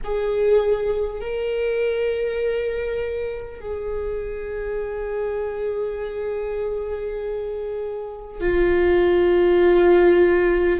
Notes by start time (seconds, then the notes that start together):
0.03 G#4
1.20 A#4
3.61 G#4
8.40 F4